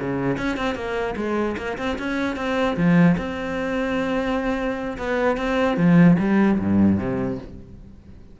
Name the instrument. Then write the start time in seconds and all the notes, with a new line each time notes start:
cello
0.00 C#3
0.37 C#4
0.57 C4
0.75 A#3
1.16 G#3
1.57 A#3
1.77 C4
1.98 C#4
2.36 C4
2.76 F3
3.17 C4
4.98 B3
5.37 C4
5.77 F3
6.19 G3
6.59 G2
6.98 C3